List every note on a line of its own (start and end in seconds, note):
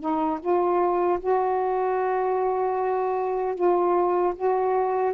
0.00 0.39 D#4
0.40 1.19 F4
1.20 3.55 F#4
3.55 4.34 F4
4.35 5.14 F#4